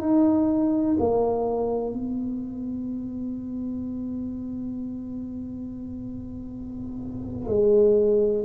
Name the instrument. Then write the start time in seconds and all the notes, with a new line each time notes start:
tuba
0.00 D#4
0.99 A#3
1.93 B3
7.47 G#3